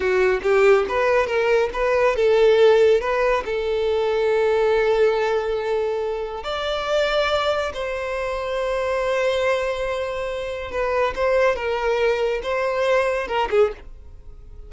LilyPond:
\new Staff \with { instrumentName = "violin" } { \time 4/4 \tempo 4 = 140 fis'4 g'4 b'4 ais'4 | b'4 a'2 b'4 | a'1~ | a'2. d''4~ |
d''2 c''2~ | c''1~ | c''4 b'4 c''4 ais'4~ | ais'4 c''2 ais'8 gis'8 | }